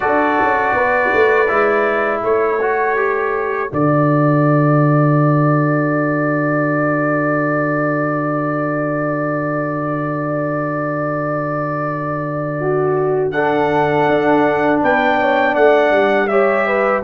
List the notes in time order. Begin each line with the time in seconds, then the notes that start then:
0.00 D4 F#4 A4 D5
0.41 C#4
0.73 B3 B4
1.14 A3
1.48 G#3 E4
2.21 A3 A4 C#5
2.61 F#4
2.96 G4
3.68 D3 F#4 D5
12.60 F#4
13.31 D4 A4 F#5
14.08 D4
14.82 B3 B4 G5
15.21 C#5
15.53 A3 D5 F#5
15.91 G3
16.27 G4 C#5 E5
16.66 B4